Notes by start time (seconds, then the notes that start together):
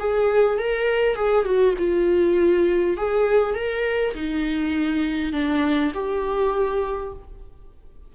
0.00 G#4
0.59 A#4
1.16 G#4
1.46 F#4
1.78 F4
2.97 G#4
3.55 A#4
4.15 D#4
5.33 D4
5.95 G4